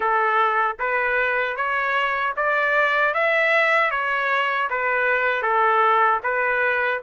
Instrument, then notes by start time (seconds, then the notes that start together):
trumpet
0.00 A4
0.79 B4
1.56 C#5
2.36 D5
3.13 E5
3.91 C#5
4.70 B4
5.42 A4
6.23 B4